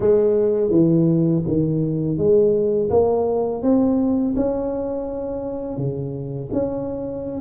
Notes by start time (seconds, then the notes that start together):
0.00 G#3
0.70 E3
1.47 D#3
2.17 G#3
2.89 A#3
3.62 C4
4.36 C#4
5.77 C#3
6.52 C#4